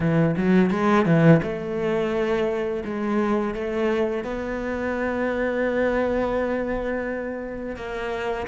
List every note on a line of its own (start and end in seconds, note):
0.00 0.35 E3
0.37 0.70 F#3
0.70 1.05 G#3
1.05 1.41 E3
1.42 2.83 A3
2.85 3.54 G#3
3.54 4.24 A3
4.24 7.76 B3
7.76 8.46 A#3